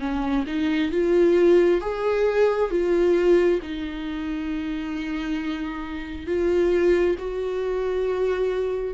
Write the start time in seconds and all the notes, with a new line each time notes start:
0.00 C#4
0.47 D#4
0.92 F4
1.82 G#4
2.71 F4
3.63 D#4
6.27 F4
7.19 F#4